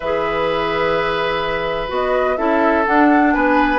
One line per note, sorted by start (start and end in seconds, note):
0.00 1.89 E3
0.00 1.88 G#4
0.00 2.35 B4
0.00 1.90 E5
1.88 2.37 B3
1.88 2.36 F#4
1.88 2.36 D#5
2.36 2.86 C#4
2.36 2.84 E4
2.36 3.33 A4
2.36 2.84 E5
2.85 3.78 D4
2.85 3.35 D4
2.85 3.33 F#5
3.33 3.78 B3
3.33 3.78 B4
3.33 3.78 G#5